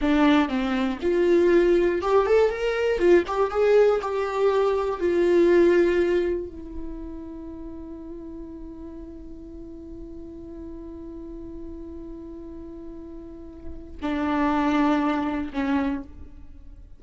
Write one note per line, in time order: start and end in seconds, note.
0.01 0.49 D4
0.49 0.99 C4
1.01 2.01 F4
2.01 2.26 G4
2.26 2.50 A4
2.50 2.98 A#4
2.98 3.23 F4
3.27 3.50 G4
3.50 4.00 G#4
4.01 5.00 G4
5.00 6.47 F4
6.47 13.97 E4
14.01 15.51 D4
15.53 16.03 C#4